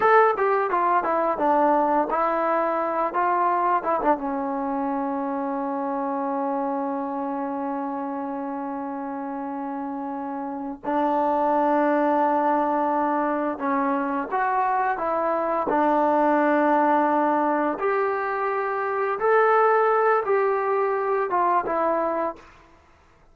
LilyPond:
\new Staff \with { instrumentName = "trombone" } { \time 4/4 \tempo 4 = 86 a'8 g'8 f'8 e'8 d'4 e'4~ | e'8 f'4 e'16 d'16 cis'2~ | cis'1~ | cis'2.~ cis'8 d'8~ |
d'2.~ d'8 cis'8~ | cis'8 fis'4 e'4 d'4.~ | d'4. g'2 a'8~ | a'4 g'4. f'8 e'4 | }